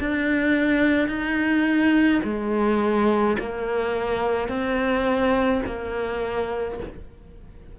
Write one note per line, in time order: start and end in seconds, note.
0.00 1.08 D4
1.08 2.21 D#4
2.23 3.37 G#3
3.39 4.48 A#3
4.48 5.61 C4
5.66 6.79 A#3